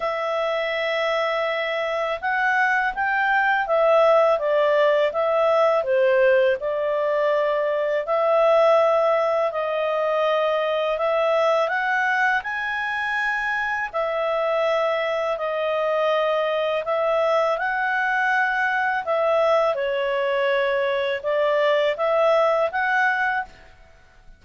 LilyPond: \new Staff \with { instrumentName = "clarinet" } { \time 4/4 \tempo 4 = 82 e''2. fis''4 | g''4 e''4 d''4 e''4 | c''4 d''2 e''4~ | e''4 dis''2 e''4 |
fis''4 gis''2 e''4~ | e''4 dis''2 e''4 | fis''2 e''4 cis''4~ | cis''4 d''4 e''4 fis''4 | }